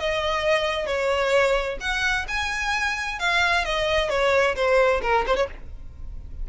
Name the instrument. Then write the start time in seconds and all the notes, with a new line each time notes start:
violin
0.00 D#5
0.87 C#5
1.80 F#5
2.28 G#5
3.19 F5
3.65 D#5
4.10 C#5
4.56 C5
5.03 A#4
5.27 C5
5.36 C#5